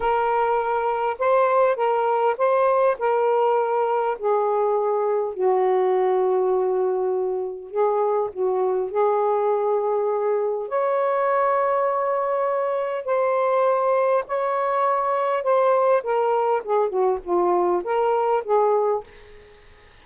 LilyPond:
\new Staff \with { instrumentName = "saxophone" } { \time 4/4 \tempo 4 = 101 ais'2 c''4 ais'4 | c''4 ais'2 gis'4~ | gis'4 fis'2.~ | fis'4 gis'4 fis'4 gis'4~ |
gis'2 cis''2~ | cis''2 c''2 | cis''2 c''4 ais'4 | gis'8 fis'8 f'4 ais'4 gis'4 | }